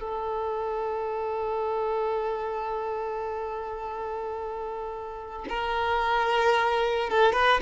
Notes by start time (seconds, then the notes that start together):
0.00 A4
5.49 A#4
7.10 A4
7.33 B4